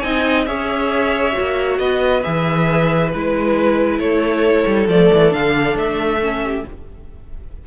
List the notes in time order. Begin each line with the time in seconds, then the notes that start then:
0.00 C4 D#4 D#5 G#5
0.46 C#4 G#4 C#5 E5
1.32 F#4
1.39 A#3
1.78 B3 B4 D#5
2.23 E3 G#4 E5
3.12 G#3 E4 B4
3.99 A3 A4 C#5
4.66 G3
4.88 F3 A3 D5
5.13 E3
5.30 D3 D4 F5
5.76 A3 E5
6.22 C#4
6.43 G4